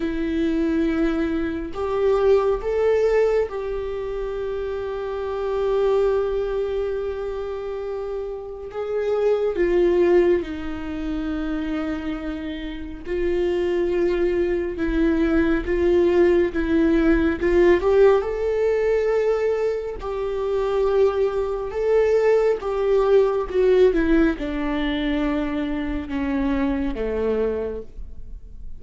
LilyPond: \new Staff \with { instrumentName = "viola" } { \time 4/4 \tempo 4 = 69 e'2 g'4 a'4 | g'1~ | g'2 gis'4 f'4 | dis'2. f'4~ |
f'4 e'4 f'4 e'4 | f'8 g'8 a'2 g'4~ | g'4 a'4 g'4 fis'8 e'8 | d'2 cis'4 a4 | }